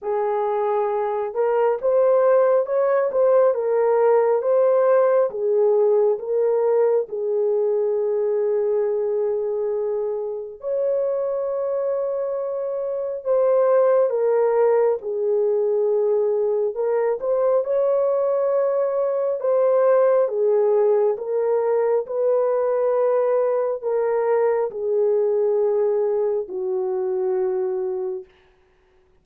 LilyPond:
\new Staff \with { instrumentName = "horn" } { \time 4/4 \tempo 4 = 68 gis'4. ais'8 c''4 cis''8 c''8 | ais'4 c''4 gis'4 ais'4 | gis'1 | cis''2. c''4 |
ais'4 gis'2 ais'8 c''8 | cis''2 c''4 gis'4 | ais'4 b'2 ais'4 | gis'2 fis'2 | }